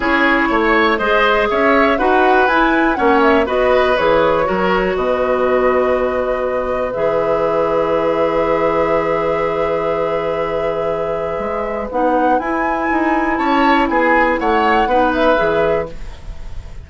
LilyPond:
<<
  \new Staff \with { instrumentName = "flute" } { \time 4/4 \tempo 4 = 121 cis''2 dis''4 e''4 | fis''4 gis''4 fis''8 e''8 dis''4 | cis''2 dis''2~ | dis''2 e''2~ |
e''1~ | e''1 | fis''4 gis''2 a''4 | gis''4 fis''4. e''4. | }
  \new Staff \with { instrumentName = "oboe" } { \time 4/4 gis'4 cis''4 c''4 cis''4 | b'2 cis''4 b'4~ | b'4 ais'4 b'2~ | b'1~ |
b'1~ | b'1~ | b'2. cis''4 | gis'4 cis''4 b'2 | }
  \new Staff \with { instrumentName = "clarinet" } { \time 4/4 e'2 gis'2 | fis'4 e'4 cis'4 fis'4 | gis'4 fis'2.~ | fis'2 gis'2~ |
gis'1~ | gis'1 | dis'4 e'2.~ | e'2 dis'4 gis'4 | }
  \new Staff \with { instrumentName = "bassoon" } { \time 4/4 cis'4 a4 gis4 cis'4 | dis'4 e'4 ais4 b4 | e4 fis4 b,2~ | b,2 e2~ |
e1~ | e2. gis4 | b4 e'4 dis'4 cis'4 | b4 a4 b4 e4 | }
>>